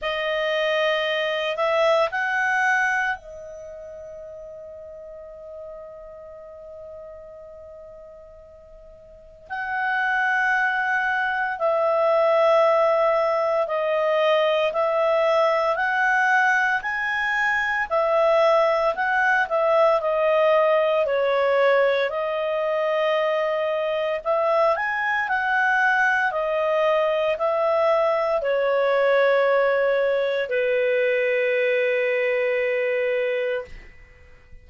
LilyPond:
\new Staff \with { instrumentName = "clarinet" } { \time 4/4 \tempo 4 = 57 dis''4. e''8 fis''4 dis''4~ | dis''1~ | dis''4 fis''2 e''4~ | e''4 dis''4 e''4 fis''4 |
gis''4 e''4 fis''8 e''8 dis''4 | cis''4 dis''2 e''8 gis''8 | fis''4 dis''4 e''4 cis''4~ | cis''4 b'2. | }